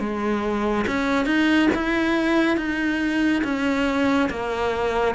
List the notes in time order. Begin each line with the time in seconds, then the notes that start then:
0.00 G#3
0.87 C#4
1.26 D#4
1.75 E4
2.58 D#4
3.44 C#4
4.30 A#3